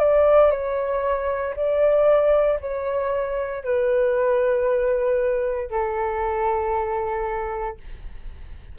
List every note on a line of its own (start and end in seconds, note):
0.00 0.51 D5
0.51 1.55 C#5
1.57 2.60 D5
2.61 3.64 C#5
3.64 5.71 B4
5.71 7.78 A4